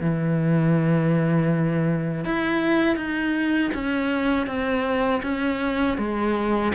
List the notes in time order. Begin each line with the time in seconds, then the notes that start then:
0.00 E3
2.24 E4
2.96 D#4
3.73 C#4
4.46 C4
5.22 C#4
5.97 G#3